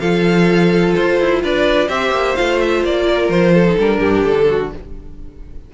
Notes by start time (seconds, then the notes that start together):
0.00 F3 F4 A4 F5
0.95 F4 C5
1.20 E4
1.43 D4 B4 D5
1.87 C4 G4 C5 E5
2.11 A#3
2.36 A3 F4 F5
2.60 E5
2.84 A#3 D5
3.07 A#4
3.28 F3 C5
3.54 A4
3.67 D#4
3.78 G3 D4 A#4
3.98 G2 G4
4.24 D3 A4
4.49 F#4